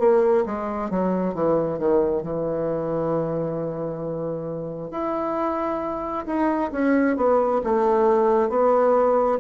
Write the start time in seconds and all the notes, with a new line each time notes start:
0.00 A#3
0.46 G#3
0.91 F#3
1.35 E3
1.79 D#3
2.23 E3
4.91 E4
6.27 D#4
6.72 C#4
7.17 B3
7.64 A3
8.50 B3